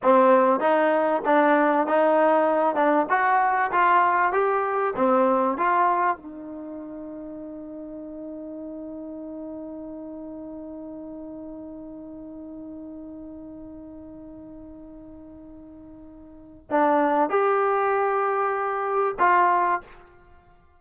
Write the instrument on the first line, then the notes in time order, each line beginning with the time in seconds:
trombone
0.03 C4
0.60 D#4
1.25 D4
1.86 D#4
2.75 D4
3.09 F#4
3.71 F4
4.32 G4
4.96 C4
5.57 F4
6.16 D#4
16.70 D4
17.29 G4
19.19 F4